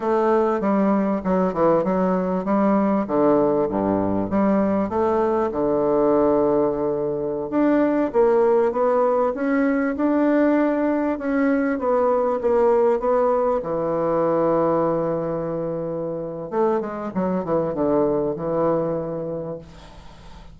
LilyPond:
\new Staff \with { instrumentName = "bassoon" } { \time 4/4 \tempo 4 = 98 a4 g4 fis8 e8 fis4 | g4 d4 g,4 g4 | a4 d2.~ | d16 d'4 ais4 b4 cis'8.~ |
cis'16 d'2 cis'4 b8.~ | b16 ais4 b4 e4.~ e16~ | e2. a8 gis8 | fis8 e8 d4 e2 | }